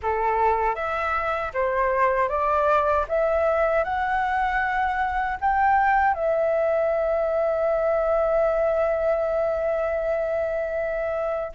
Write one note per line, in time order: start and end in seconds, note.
0.02 0.75 A4
0.75 1.52 E5
1.53 2.28 C5
2.28 3.05 D5
3.08 3.84 E5
3.84 5.37 F#5
5.41 6.14 G5
6.14 11.52 E5